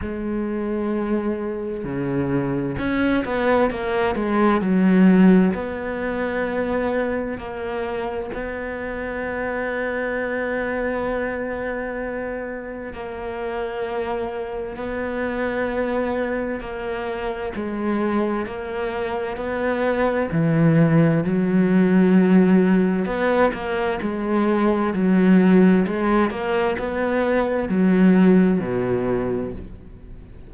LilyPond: \new Staff \with { instrumentName = "cello" } { \time 4/4 \tempo 4 = 65 gis2 cis4 cis'8 b8 | ais8 gis8 fis4 b2 | ais4 b2.~ | b2 ais2 |
b2 ais4 gis4 | ais4 b4 e4 fis4~ | fis4 b8 ais8 gis4 fis4 | gis8 ais8 b4 fis4 b,4 | }